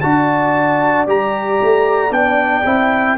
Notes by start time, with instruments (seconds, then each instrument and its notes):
0.00 tuba D4, trombone F#4, horn D5, trumpet A5
1.07 tuba G3, trombone G4, trumpet A#5
1.62 tuba A3
2.10 tuba B3, trombone D4, trumpet G5
2.65 tuba C4, trombone E4